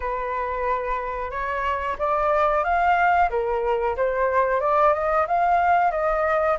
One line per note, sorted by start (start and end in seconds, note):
0.00 1.30 B4
1.30 1.96 C#5
1.98 2.63 D5
2.63 3.29 F5
3.30 3.96 A#4
3.96 4.60 C5
4.60 4.93 D5
4.93 5.26 D#5
5.27 5.91 F5
5.91 6.57 D#5